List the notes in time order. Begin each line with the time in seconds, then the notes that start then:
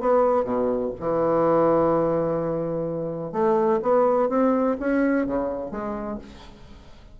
0.00 B3
0.44 B2
0.99 E3
3.32 A3
3.82 B3
4.29 C4
4.79 C#4
5.26 C#3
5.71 G#3